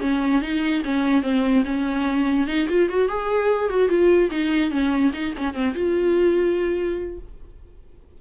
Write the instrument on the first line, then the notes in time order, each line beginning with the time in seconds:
viola
0.00 C#4
0.41 D#4
0.84 C#4
1.22 C4
1.65 C#4
2.47 D#4
2.68 F4
2.89 F#4
3.08 G#4
3.69 F#4
3.88 F4
4.31 D#4
4.70 C#4
5.13 D#4
5.37 C#4
5.54 C4
5.74 F4